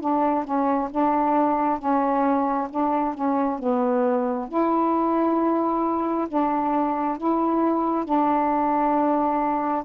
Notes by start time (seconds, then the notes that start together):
0.00 D4
0.44 C#4
0.90 D4
1.78 C#4
2.69 D4
3.14 C#4
3.58 B3
4.48 E4
6.27 D4
7.17 E4
8.04 D4